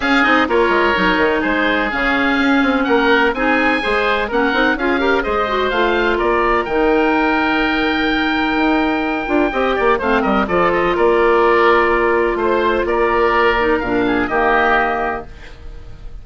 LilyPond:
<<
  \new Staff \with { instrumentName = "oboe" } { \time 4/4 \tempo 4 = 126 f''8 dis''8 cis''2 c''4 | f''2 fis''4 gis''4~ | gis''4 fis''4 f''4 dis''4 | f''4 d''4 g''2~ |
g''1~ | g''4 f''8 dis''8 d''8 dis''8 d''4~ | d''2 c''4 d''4~ | d''4 f''4 dis''2 | }
  \new Staff \with { instrumentName = "oboe" } { \time 4/4 gis'4 ais'2 gis'4~ | gis'2 ais'4 gis'4 | c''4 ais'4 gis'8 ais'8 c''4~ | c''4 ais'2.~ |
ais'1 | dis''8 d''8 c''8 ais'8 a'4 ais'4~ | ais'2 c''4 ais'4~ | ais'4. gis'8 g'2 | }
  \new Staff \with { instrumentName = "clarinet" } { \time 4/4 cis'8 dis'8 f'4 dis'2 | cis'2. dis'4 | gis'4 cis'8 dis'8 f'8 g'8 gis'8 fis'8 | f'2 dis'2~ |
dis'2.~ dis'8 f'8 | g'4 c'4 f'2~ | f'1~ | f'8 dis'8 d'4 ais2 | }
  \new Staff \with { instrumentName = "bassoon" } { \time 4/4 cis'8 c'8 ais8 gis8 fis8 dis8 gis4 | cis4 cis'8 c'8 ais4 c'4 | gis4 ais8 c'8 cis'4 gis4 | a4 ais4 dis2~ |
dis2 dis'4. d'8 | c'8 ais8 a8 g8 f4 ais4~ | ais2 a4 ais4~ | ais4 ais,4 dis2 | }
>>